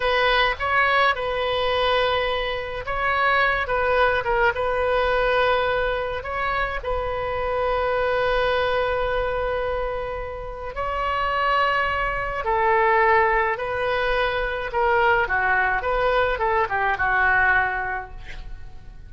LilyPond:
\new Staff \with { instrumentName = "oboe" } { \time 4/4 \tempo 4 = 106 b'4 cis''4 b'2~ | b'4 cis''4. b'4 ais'8 | b'2. cis''4 | b'1~ |
b'2. cis''4~ | cis''2 a'2 | b'2 ais'4 fis'4 | b'4 a'8 g'8 fis'2 | }